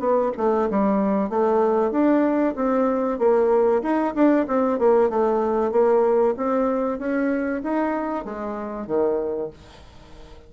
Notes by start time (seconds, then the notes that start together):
0.00 B3
0.38 A3
0.70 G3
1.30 A3
1.91 D4
2.56 C4
3.19 A#3
3.83 D#4
4.15 D4
4.48 C4
4.79 A#3
5.10 A3
5.72 A#3
6.37 C4
6.99 C#4
7.63 D#4
8.25 G#3
8.87 D#3